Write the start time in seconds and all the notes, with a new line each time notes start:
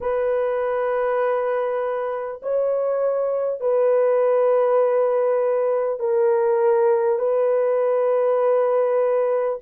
0.01 B4
2.42 C#5
3.60 B4
5.99 A#4
7.18 B4